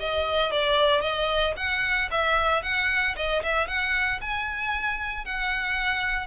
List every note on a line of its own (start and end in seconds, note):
0.00 0.52 D#5
0.52 1.01 D5
1.01 1.54 D#5
1.57 2.10 F#5
2.11 2.63 E5
2.63 3.16 F#5
3.16 3.43 D#5
3.43 3.68 E5
3.68 4.20 F#5
4.21 5.25 G#5
5.25 6.27 F#5